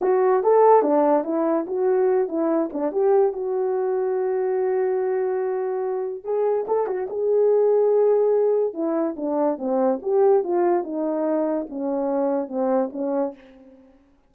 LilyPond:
\new Staff \with { instrumentName = "horn" } { \time 4/4 \tempo 4 = 144 fis'4 a'4 d'4 e'4 | fis'4. e'4 d'8 g'4 | fis'1~ | fis'2. gis'4 |
a'8 fis'8 gis'2.~ | gis'4 e'4 d'4 c'4 | g'4 f'4 dis'2 | cis'2 c'4 cis'4 | }